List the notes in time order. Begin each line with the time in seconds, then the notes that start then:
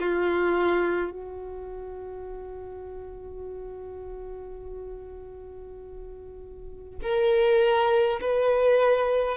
0.00 F4
1.11 F#4
7.03 A#4
8.21 B4